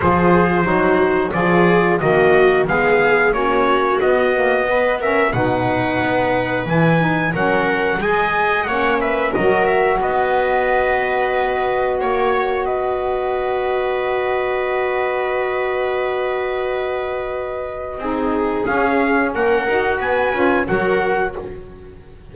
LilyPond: <<
  \new Staff \with { instrumentName = "trumpet" } { \time 4/4 \tempo 4 = 90 c''2 d''4 dis''4 | f''4 cis''4 dis''4. e''8 | fis''2 gis''4 fis''4 | gis''4 fis''8 e''8 dis''8 e''8 dis''4~ |
dis''2 cis''4 dis''4~ | dis''1~ | dis''1 | f''4 fis''4 gis''4 fis''4 | }
  \new Staff \with { instrumentName = "viola" } { \time 4/4 gis'4 fis'4 gis'4 fis'4 | gis'4 fis'2 b'8 ais'8 | b'2. ais'4 | dis''4 cis''8 b'8 ais'4 b'4~ |
b'2 cis''4 b'4~ | b'1~ | b'2. gis'4~ | gis'4 ais'4 b'4 ais'4 | }
  \new Staff \with { instrumentName = "saxophone" } { \time 4/4 f'4 dis'4 f'4 ais4 | b4 cis'4 b8 ais8 b8 cis'8 | dis'2 e'8 dis'8 cis'4 | gis'4 cis'4 fis'2~ |
fis'1~ | fis'1~ | fis'2. dis'4 | cis'4. fis'4 f'8 fis'4 | }
  \new Staff \with { instrumentName = "double bass" } { \time 4/4 f4 fis4 f4 dis4 | gis4 ais4 b2 | b,4 b4 e4 fis4 | gis4 ais4 fis4 b4~ |
b2 ais4 b4~ | b1~ | b2. c'4 | cis'4 ais8 dis'8 b8 cis'8 fis4 | }
>>